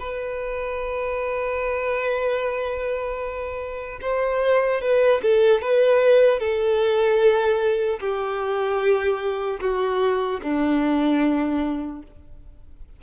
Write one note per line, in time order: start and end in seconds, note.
0.00 4.00 B4
4.02 4.81 C5
4.81 5.21 B4
5.23 5.62 A4
5.62 6.40 B4
6.40 8.00 A4
8.00 9.60 G4
9.61 10.41 F#4
10.43 12.03 D4